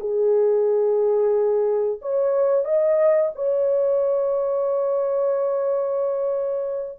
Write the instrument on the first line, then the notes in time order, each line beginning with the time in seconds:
horn
0.00 G#4
2.02 C#5
2.65 D#5
3.35 C#5